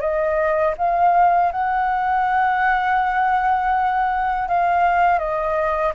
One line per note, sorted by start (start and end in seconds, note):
0.00 0.74 D#5
0.77 1.52 F5
1.52 4.48 F#5
4.48 5.19 F5
5.19 5.93 D#5